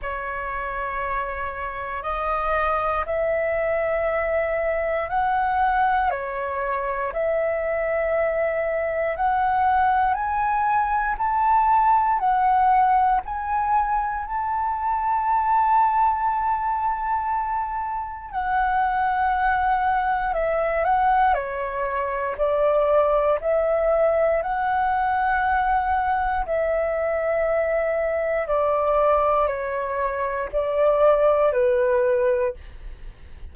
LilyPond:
\new Staff \with { instrumentName = "flute" } { \time 4/4 \tempo 4 = 59 cis''2 dis''4 e''4~ | e''4 fis''4 cis''4 e''4~ | e''4 fis''4 gis''4 a''4 | fis''4 gis''4 a''2~ |
a''2 fis''2 | e''8 fis''8 cis''4 d''4 e''4 | fis''2 e''2 | d''4 cis''4 d''4 b'4 | }